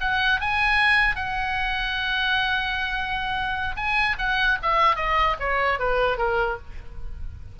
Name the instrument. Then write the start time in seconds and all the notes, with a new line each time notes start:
oboe
0.00 F#5
0.40 G#5
1.15 F#5
3.76 G#5
4.18 F#5
4.62 E5
4.96 D#5
5.39 C#5
5.79 B4
6.17 A#4